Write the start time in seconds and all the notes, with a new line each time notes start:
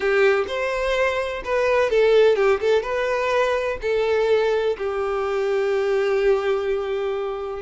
0.00 G4
0.47 C5
1.44 B4
1.90 A4
2.36 G4
2.60 A4
2.82 B4
3.81 A4
4.77 G4